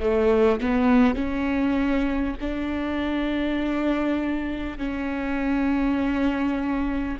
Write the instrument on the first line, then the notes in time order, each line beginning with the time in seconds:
viola
0.00 A3
0.61 B3
1.15 C#4
2.41 D4
4.78 C#4